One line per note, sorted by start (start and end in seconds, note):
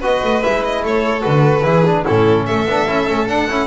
0.00 0.22 B3
0.00 0.43 F#4
0.00 0.82 B4
0.00 0.43 D#5
0.24 0.44 A3
0.43 0.84 G#3
0.43 1.21 E4
0.43 0.64 E5
0.64 0.85 D#5
0.84 1.24 A3
0.84 1.65 A4
0.84 1.23 C#5
1.21 1.65 D3
1.21 1.62 F#4
1.21 2.05 B4
1.64 2.05 E3
1.64 1.84 E4
1.64 2.05 G#4
1.86 2.06 D4
2.05 2.50 A2
2.05 2.68 C#4
2.05 2.46 E4
2.05 2.47 A4
2.47 2.66 A3
2.47 3.67 A4
2.47 3.28 E5
2.66 2.86 B3
2.66 2.88 D4
2.88 3.08 C#4
2.88 3.08 E4
3.08 3.30 A3
3.08 3.28 C#4
3.28 3.49 D4
3.28 3.67 F#5
3.49 3.67 C#4
3.49 3.67 E4